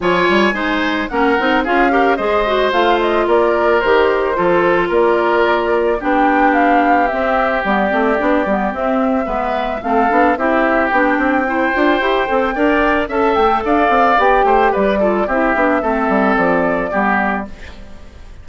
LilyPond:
<<
  \new Staff \with { instrumentName = "flute" } { \time 4/4 \tempo 4 = 110 gis''2 fis''4 f''4 | dis''4 f''8 dis''8 d''4 c''4~ | c''4 d''2 g''4 | f''4 e''4 d''2 |
e''2 f''4 e''4 | g''1 | a''8 g''8 f''4 g''4 d''4 | e''2 d''2 | }
  \new Staff \with { instrumentName = "oboe" } { \time 4/4 cis''4 c''4 ais'4 gis'8 ais'8 | c''2 ais'2 | a'4 ais'2 g'4~ | g'1~ |
g'4 b'4 a'4 g'4~ | g'4 c''2 d''4 | e''4 d''4. c''8 b'8 a'8 | g'4 a'2 g'4 | }
  \new Staff \with { instrumentName = "clarinet" } { \time 4/4 f'4 dis'4 cis'8 dis'8 f'8 g'8 | gis'8 fis'8 f'2 g'4 | f'2. d'4~ | d'4 c'4 b8 c'8 d'8 b8 |
c'4 b4 c'8 d'8 e'4 | d'4 e'8 f'8 g'8 a'8 ais'4 | a'2 g'4. f'8 | e'8 d'8 c'2 b4 | }
  \new Staff \with { instrumentName = "bassoon" } { \time 4/4 f8 g8 gis4 ais8 c'8 cis'4 | gis4 a4 ais4 dis4 | f4 ais2 b4~ | b4 c'4 g8 a8 b8 g8 |
c'4 gis4 a8 b8 c'4 | b8 c'4 d'8 e'8 c'8 d'4 | cis'8 a8 d'8 c'8 b8 a8 g4 | c'8 b8 a8 g8 f4 g4 | }
>>